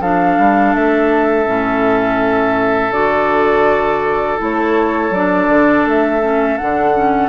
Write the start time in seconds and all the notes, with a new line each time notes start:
0.00 F3 D4 A4 F5
0.38 G3
0.74 A3 E5
1.45 A2 C#4
2.91 D3 F#4 D5
4.38 A3 E4 C#5
5.10 F#3 D4 D5
5.48 D3
5.85 A3 E5
6.21 C#4
6.57 D3 D4 F#5
6.95 C#4